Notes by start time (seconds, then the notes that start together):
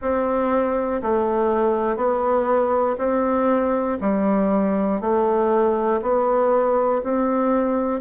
0.01 C4
1.02 A3
1.96 B3
2.98 C4
4.00 G3
5.00 A3
6.01 B3
7.03 C4